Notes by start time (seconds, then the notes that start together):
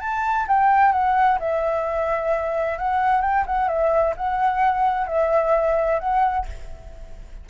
0.00 A5
0.48 G5
0.92 F#5
1.40 E5
2.78 F#5
3.21 G5
3.46 F#5
3.68 E5
4.16 F#5
5.07 E5
5.99 F#5